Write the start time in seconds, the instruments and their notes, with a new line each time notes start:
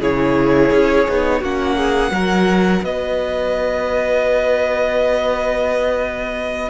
0.00 cello C#3, viola E4, violin G#4 C#5
0.72 cello C#4
1.08 cello B3, viola D#4
1.41 cello A#3, viola C#4, violin F#4 F#5
1.77 violin G#4
2.11 cello F#3, viola F#4, violin A#4
2.83 cello B3, violin B4 D#5